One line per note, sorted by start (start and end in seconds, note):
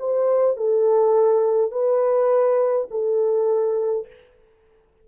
0.00 0.57 C5
0.57 1.72 A4
1.72 2.88 B4
2.91 4.08 A4